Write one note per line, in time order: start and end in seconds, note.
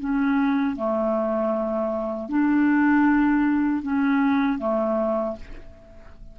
0.00 0.76 C#4
0.76 2.29 A3
2.29 3.83 D4
3.83 4.59 C#4
4.59 5.36 A3